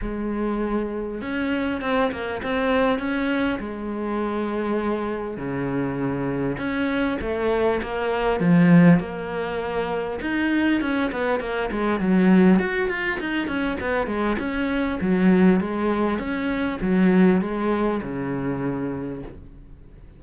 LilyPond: \new Staff \with { instrumentName = "cello" } { \time 4/4 \tempo 4 = 100 gis2 cis'4 c'8 ais8 | c'4 cis'4 gis2~ | gis4 cis2 cis'4 | a4 ais4 f4 ais4~ |
ais4 dis'4 cis'8 b8 ais8 gis8 | fis4 fis'8 f'8 dis'8 cis'8 b8 gis8 | cis'4 fis4 gis4 cis'4 | fis4 gis4 cis2 | }